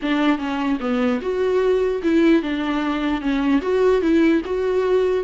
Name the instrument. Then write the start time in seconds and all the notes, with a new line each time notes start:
viola
0.01 D4
0.38 C#4
0.80 B3
1.21 F#4
2.02 E4
2.42 D4
3.21 C#4
3.61 F#4
4.01 E4
4.45 F#4